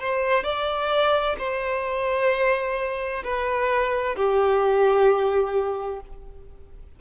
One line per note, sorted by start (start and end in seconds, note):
0.00 0.44 C5
0.44 1.36 D5
1.39 3.23 C5
3.24 4.16 B4
4.16 6.00 G4